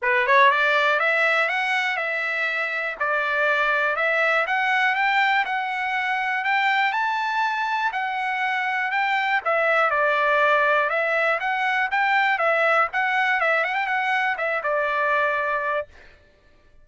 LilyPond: \new Staff \with { instrumentName = "trumpet" } { \time 4/4 \tempo 4 = 121 b'8 cis''8 d''4 e''4 fis''4 | e''2 d''2 | e''4 fis''4 g''4 fis''4~ | fis''4 g''4 a''2 |
fis''2 g''4 e''4 | d''2 e''4 fis''4 | g''4 e''4 fis''4 e''8 fis''16 g''16 | fis''4 e''8 d''2~ d''8 | }